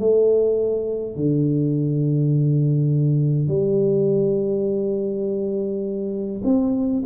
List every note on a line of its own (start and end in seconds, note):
0.00 1.16 A3
1.16 3.48 D3
3.48 6.42 G3
6.45 7.04 C4